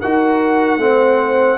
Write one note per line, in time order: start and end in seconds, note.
0.00 0.77 D#4
0.00 0.80 F#4
0.00 0.80 A#4
0.00 1.58 F#5
0.77 1.57 A3
0.77 1.58 C4
0.77 1.58 C5